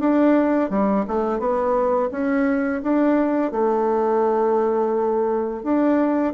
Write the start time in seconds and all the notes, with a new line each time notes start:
0.00 D4
0.70 G3
1.08 A3
1.40 B3
2.12 C#4
2.83 D4
3.52 A3
5.63 D4